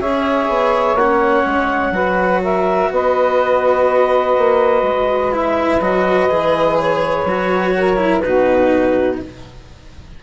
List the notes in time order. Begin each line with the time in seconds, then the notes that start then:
0.00 C#4 G#4 C#5 E5
0.49 B3
0.95 A#3 C#4 F#5
1.46 G#3
1.91 F#3 F#4 B4
2.43 A#4 E5
2.91 B3 B4 D#5
4.38 A#3
4.83 G#3
5.32 E4 E5
5.80 F#3 F#4 D#5
6.30 E3 G#4
6.78 C#5
7.25 F#3 F#4
7.77 A#4
7.97 E4
8.19 D#4 F#4 B4
8.26 B2